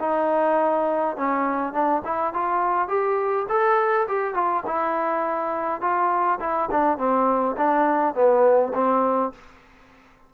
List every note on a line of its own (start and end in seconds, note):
0.00 1.17 D#4
1.17 1.73 C#4
1.73 2.02 D4
2.05 2.33 E4
2.33 2.88 F4
2.88 3.46 G4
3.49 4.07 A4
4.08 4.35 G4
4.35 4.64 F4
4.66 5.81 E4
5.81 6.39 F4
6.40 6.69 E4
6.71 6.98 D4
6.98 7.56 C4
7.57 8.14 D4
8.14 8.73 B3
8.74 9.32 C4